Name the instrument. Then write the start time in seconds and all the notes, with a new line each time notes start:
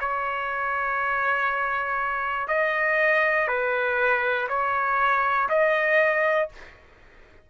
trumpet
0.00 C#5
2.48 D#5
3.48 B4
4.49 C#5
5.50 D#5